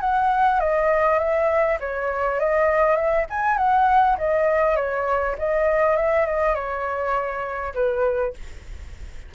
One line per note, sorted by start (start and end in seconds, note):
0.00 0.59 F#5
0.60 1.19 D#5
1.19 1.78 E5
1.80 2.39 C#5
2.39 2.95 D#5
2.95 3.25 E5
3.30 3.57 G#5
3.57 4.16 F#5
4.18 4.76 D#5
4.76 5.35 C#5
5.38 5.96 D#5
5.96 6.25 E5
6.25 6.55 D#5
6.55 7.73 C#5
7.74 8.33 B4